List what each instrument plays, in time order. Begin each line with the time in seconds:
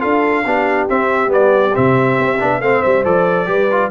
0.00 tuba D4, trombone F4, horn A4, trumpet F5
0.46 tuba B3, trombone D4, horn G4
0.89 trombone C4, tuba C4, trumpet E5
1.27 tuba G3, trombone B3, trumpet D5
1.74 tuba C3, trombone C4, trumpet E5
2.19 tuba C4
2.40 tuba B3, trombone D4
2.60 tuba A3, trombone C4, horn C5, trumpet F5
2.82 tuba G3, trumpet E5
3.04 tuba F3, trombone A4, trumpet D5
3.46 tuba G3, trombone G4, horn B4
3.72 trombone F4